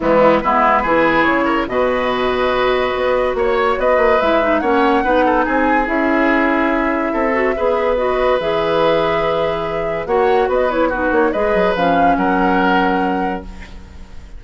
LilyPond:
<<
  \new Staff \with { instrumentName = "flute" } { \time 4/4 \tempo 4 = 143 e'4 b'2 cis''4 | dis''1 | cis''4 dis''4 e''4 fis''4~ | fis''4 gis''4 e''2~ |
e''2. dis''4 | e''1 | fis''4 dis''8 cis''8 b'8 cis''8 dis''4 | f''4 fis''2. | }
  \new Staff \with { instrumentName = "oboe" } { \time 4/4 b4 e'4 gis'4. ais'8 | b'1 | cis''4 b'2 cis''4 | b'8 a'8 gis'2.~ |
gis'4 a'4 b'2~ | b'1 | cis''4 b'4 fis'4 b'4~ | b'4 ais'2. | }
  \new Staff \with { instrumentName = "clarinet" } { \time 4/4 gis4 b4 e'2 | fis'1~ | fis'2 e'8 dis'8 cis'4 | dis'2 e'2~ |
e'4. fis'8 gis'4 fis'4 | gis'1 | fis'4. e'8 dis'4 gis'4 | cis'1 | }
  \new Staff \with { instrumentName = "bassoon" } { \time 4/4 e4 gis4 e4 cis4 | b,2. b4 | ais4 b8 ais8 gis4 ais4 | b4 c'4 cis'2~ |
cis'4 c'4 b2 | e1 | ais4 b4. ais8 gis8 fis8 | f4 fis2. | }
>>